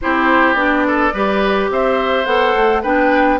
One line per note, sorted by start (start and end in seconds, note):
0.01 0.54 C4
0.01 0.56 E4
0.01 0.87 G4
0.01 0.54 C5
0.54 1.11 B3
0.54 1.12 D4
0.54 1.67 D5
0.87 1.13 A4
1.13 1.69 G3
1.13 2.25 G4
1.13 1.70 B4
1.70 2.26 C4
1.70 2.82 C5
1.70 2.25 E5
2.25 2.54 B3
2.25 2.82 A4
2.25 2.81 F#5
2.55 2.83 A3
2.82 3.40 B3
2.82 3.40 D4
2.82 3.38 B4
2.82 3.40 G5